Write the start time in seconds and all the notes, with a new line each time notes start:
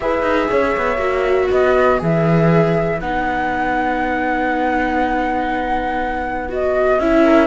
0.00 E4 G#4 B4 E5
0.22 D#4
0.50 C#4 C#5
0.76 B3
0.97 A#3 F#4
1.49 B3 B4 D#5
1.98 E3 G#4 E5
3.00 B3 D#4 F#5
6.48 F#4 D#5
6.99 C#4 E4 E5
7.24 A#4